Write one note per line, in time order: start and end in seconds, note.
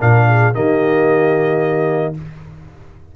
0.00 0.55 A#2
0.00 0.54 D4
0.00 0.27 A#4
0.00 0.54 F5
0.28 0.55 G#4
0.54 2.16 D#3
0.54 2.15 A#3
0.54 2.16 G4
0.54 2.15 D#5